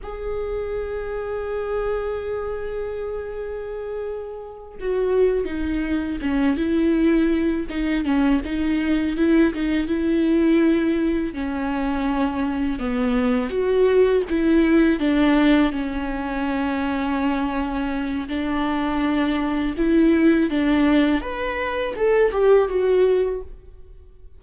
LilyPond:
\new Staff \with { instrumentName = "viola" } { \time 4/4 \tempo 4 = 82 gis'1~ | gis'2~ gis'8 fis'4 dis'8~ | dis'8 cis'8 e'4. dis'8 cis'8 dis'8~ | dis'8 e'8 dis'8 e'2 cis'8~ |
cis'4. b4 fis'4 e'8~ | e'8 d'4 cis'2~ cis'8~ | cis'4 d'2 e'4 | d'4 b'4 a'8 g'8 fis'4 | }